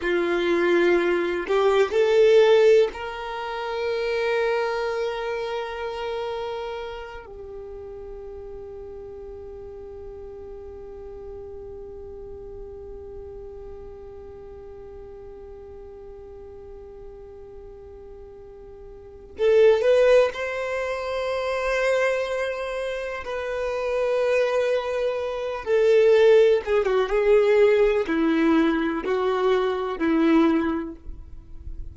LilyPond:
\new Staff \with { instrumentName = "violin" } { \time 4/4 \tempo 4 = 62 f'4. g'8 a'4 ais'4~ | ais'2.~ ais'8 g'8~ | g'1~ | g'1~ |
g'1 | a'8 b'8 c''2. | b'2~ b'8 a'4 gis'16 fis'16 | gis'4 e'4 fis'4 e'4 | }